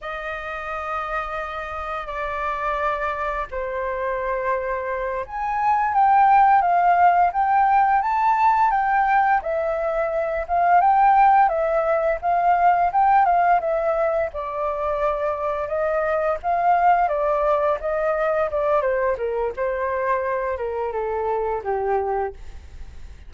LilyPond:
\new Staff \with { instrumentName = "flute" } { \time 4/4 \tempo 4 = 86 dis''2. d''4~ | d''4 c''2~ c''8 gis''8~ | gis''8 g''4 f''4 g''4 a''8~ | a''8 g''4 e''4. f''8 g''8~ |
g''8 e''4 f''4 g''8 f''8 e''8~ | e''8 d''2 dis''4 f''8~ | f''8 d''4 dis''4 d''8 c''8 ais'8 | c''4. ais'8 a'4 g'4 | }